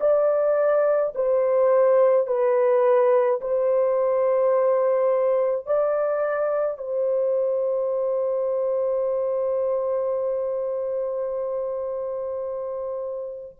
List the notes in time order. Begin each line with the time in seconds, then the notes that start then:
0.00 D5
1.15 C5
2.27 B4
3.41 C5
5.66 D5
6.78 C5